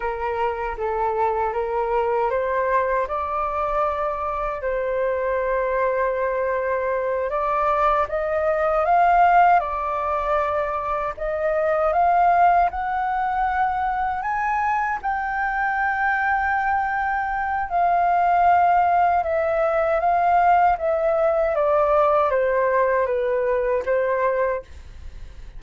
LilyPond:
\new Staff \with { instrumentName = "flute" } { \time 4/4 \tempo 4 = 78 ais'4 a'4 ais'4 c''4 | d''2 c''2~ | c''4. d''4 dis''4 f''8~ | f''8 d''2 dis''4 f''8~ |
f''8 fis''2 gis''4 g''8~ | g''2. f''4~ | f''4 e''4 f''4 e''4 | d''4 c''4 b'4 c''4 | }